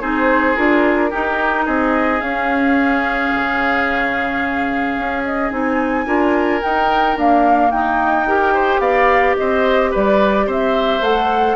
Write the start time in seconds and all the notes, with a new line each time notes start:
0.00 C4 D#4 G#4 C5
0.55 D4 F4 A#4
1.10 D#4 G4
1.65 C4 G#4 D#5
2.20 C#4 F5
3.34 C#3
4.97 C#4
5.24 D#5
5.50 C4 D#4 G#5
6.05 D4 F4 A#4
6.62 D#4 G5
7.16 A#3 D4 F5
7.70 D#4 G5
8.26 G4 A#4
8.53 C5
8.79 B3 D5 F5
9.37 C4 C5 D#5
9.90 G3 B4 D5
10.46 C4 C5 E5
11.00 A3 A4 F#5